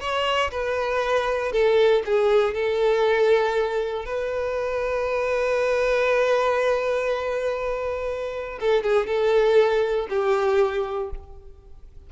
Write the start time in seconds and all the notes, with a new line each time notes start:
0.00 C#5
0.51 B4
1.52 A4
2.05 G#4
2.54 A4
4.05 B4
8.60 A4
8.83 G#4
9.06 A4
10.09 G4